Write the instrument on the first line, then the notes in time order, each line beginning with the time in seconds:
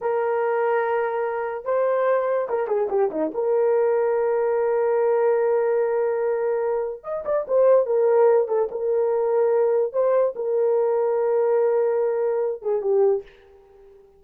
horn
0.01 A#4
1.64 C5
2.49 A#4
2.67 G#4
2.89 G4
3.11 D#4
3.34 A#4
7.03 D#5
7.25 D5
7.47 C5
7.86 A#4
8.48 A4
8.71 A#4
9.92 C5
10.35 A#4
12.62 G#4
12.81 G4